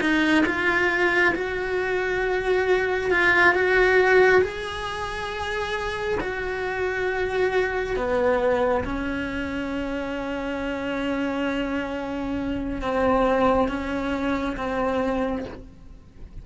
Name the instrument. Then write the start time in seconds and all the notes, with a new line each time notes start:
cello
0.00 D#4
0.45 F4
1.34 F#4
3.10 F4
3.54 F#4
4.42 G#4
6.20 F#4
7.96 B3
8.84 C#4
12.81 C4
13.68 C#4
14.56 C4